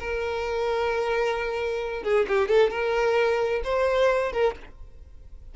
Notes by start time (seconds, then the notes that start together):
0.00 A#4
2.04 G#4
2.29 G4
2.49 A4
2.71 A#4
3.65 C5
4.33 A#4